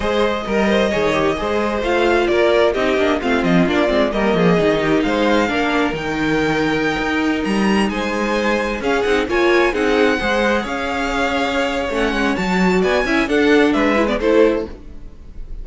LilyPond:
<<
  \new Staff \with { instrumentName = "violin" } { \time 4/4 \tempo 4 = 131 dis''1 | f''4 d''4 dis''4 f''8 dis''8 | d''4 dis''2 f''4~ | f''4 g''2.~ |
g''16 ais''4 gis''2 f''8 fis''16~ | fis''16 gis''4 fis''2 f''8.~ | f''2 fis''4 a''4 | gis''4 fis''4 e''8. d''16 c''4 | }
  \new Staff \with { instrumentName = "violin" } { \time 4/4 c''4 ais'8 c''8 cis''4 c''4~ | c''4 ais'4 g'4 f'4~ | f'4 ais'8 gis'4 g'8 c''4 | ais'1~ |
ais'4~ ais'16 c''2 gis'8.~ | gis'16 cis''4 gis'4 c''4 cis''8.~ | cis''1 | d''8 e''8 a'4 b'4 a'4 | }
  \new Staff \with { instrumentName = "viola" } { \time 4/4 gis'4 ais'4 gis'8 g'8 gis'4 | f'2 dis'8 d'8 c'4 | d'8 c'8 ais4 dis'2 | d'4 dis'2.~ |
dis'2.~ dis'16 cis'8 dis'16~ | dis'16 f'4 dis'4 gis'4.~ gis'16~ | gis'2 cis'4 fis'4~ | fis'8 e'8 d'4. e'16 b16 e'4 | }
  \new Staff \with { instrumentName = "cello" } { \time 4/4 gis4 g4 dis4 gis4 | a4 ais4 c'8 ais8 a8 f8 | ais8 gis8 g8 f8 dis4 gis4 | ais4 dis2~ dis16 dis'8.~ |
dis'16 g4 gis2 cis'8 c'16~ | c'16 ais4 c'4 gis4 cis'8.~ | cis'2 a8 gis8 fis4 | b8 cis'8 d'4 gis4 a4 | }
>>